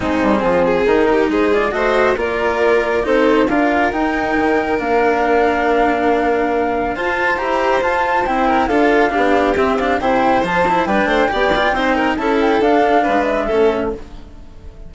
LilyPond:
<<
  \new Staff \with { instrumentName = "flute" } { \time 4/4 \tempo 4 = 138 gis'2 ais'4 c''8 d''8 | dis''4 d''2 c''4 | f''4 g''2 f''4~ | f''1 |
a''4 ais''4 a''4 g''4 | f''2 e''8 f''8 g''4 | a''4 g''2. | a''8 g''8 f''4. e''4. | }
  \new Staff \with { instrumentName = "violin" } { \time 4/4 dis'4 f'8 gis'4 g'8 gis'4 | c''4 ais'2 a'4 | ais'1~ | ais'1 |
c''2.~ c''8 ais'8 | a'4 g'2 c''4~ | c''4 b'8 c''8 d''4 c''8 ais'8 | a'2 b'4 a'4 | }
  \new Staff \with { instrumentName = "cello" } { \time 4/4 c'2 dis'4. f'8 | fis'4 f'2 dis'4 | f'4 dis'2 d'4~ | d'1 |
f'4 g'4 f'4 e'4 | f'4 d'4 c'8 d'8 e'4 | f'8 e'8 d'4 g'8 f'8 dis'4 | e'4 d'2 cis'4 | }
  \new Staff \with { instrumentName = "bassoon" } { \time 4/4 gis8 g8 f4 dis4 gis4 | a4 ais2 c'4 | d'4 dis'4 dis4 ais4~ | ais1 |
f'4 e'4 f'4 c'4 | d'4 b4 c'4 c4 | f4 g8 a8 b4 c'4 | cis'4 d'4 gis4 a4 | }
>>